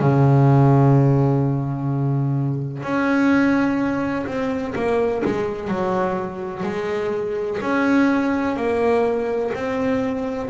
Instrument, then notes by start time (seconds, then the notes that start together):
double bass
0.00 C#3
2.84 C#4
4.27 C4
4.76 A#3
5.26 G#3
5.68 F#3
6.64 G#3
7.62 C#4
8.57 A#3
9.55 C4